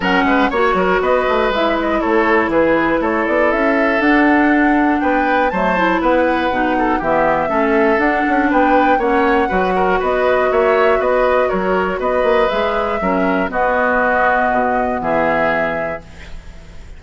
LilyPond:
<<
  \new Staff \with { instrumentName = "flute" } { \time 4/4 \tempo 4 = 120 fis''4 cis''4 dis''4 e''8 dis''8 | cis''4 b'4 cis''8 d''8 e''4 | fis''2 g''4 a''4 | fis''2 e''2 |
fis''4 g''4 fis''2 | dis''4 e''4 dis''4 cis''4 | dis''4 e''2 dis''4~ | dis''2 e''2 | }
  \new Staff \with { instrumentName = "oboe" } { \time 4/4 ais'8 b'8 cis''8 ais'8 b'2 | a'4 gis'4 a'2~ | a'2 b'4 c''4 | b'4. a'8 g'4 a'4~ |
a'4 b'4 cis''4 b'8 ais'8 | b'4 cis''4 b'4 ais'4 | b'2 ais'4 fis'4~ | fis'2 gis'2 | }
  \new Staff \with { instrumentName = "clarinet" } { \time 4/4 cis'4 fis'2 e'4~ | e'1 | d'2. a8 e'8~ | e'4 dis'4 b4 cis'4 |
d'2 cis'4 fis'4~ | fis'1~ | fis'4 gis'4 cis'4 b4~ | b1 | }
  \new Staff \with { instrumentName = "bassoon" } { \time 4/4 fis8 gis8 ais8 fis8 b8 a8 gis4 | a4 e4 a8 b8 cis'4 | d'2 b4 fis4 | b4 b,4 e4 a4 |
d'8 cis'8 b4 ais4 fis4 | b4 ais4 b4 fis4 | b8 ais8 gis4 fis4 b4~ | b4 b,4 e2 | }
>>